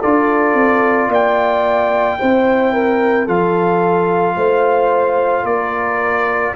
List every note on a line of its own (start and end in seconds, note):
0.00 0.54 D4
0.00 2.20 F4
0.00 1.09 A4
0.00 1.11 D5
0.54 1.08 C4
1.08 2.17 A#3
1.08 2.18 D5
1.08 3.28 G5
2.20 3.28 C4
2.20 3.28 E4
2.20 2.73 C5
2.73 3.25 A#4
3.25 4.36 F3
3.25 6.55 F4
3.25 4.35 A4
3.25 5.46 F5
4.36 5.44 A3
4.36 5.46 C5
5.44 6.53 A#3
5.44 6.55 A#4
5.44 6.55 D5